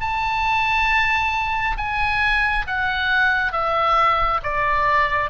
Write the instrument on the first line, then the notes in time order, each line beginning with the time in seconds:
oboe
0.00 A5
1.77 G#5
2.67 F#5
3.52 E5
4.43 D5